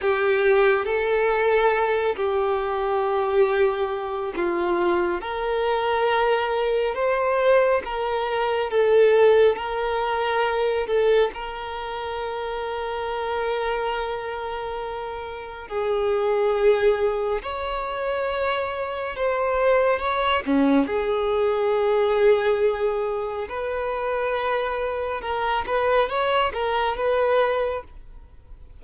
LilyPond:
\new Staff \with { instrumentName = "violin" } { \time 4/4 \tempo 4 = 69 g'4 a'4. g'4.~ | g'4 f'4 ais'2 | c''4 ais'4 a'4 ais'4~ | ais'8 a'8 ais'2.~ |
ais'2 gis'2 | cis''2 c''4 cis''8 cis'8 | gis'2. b'4~ | b'4 ais'8 b'8 cis''8 ais'8 b'4 | }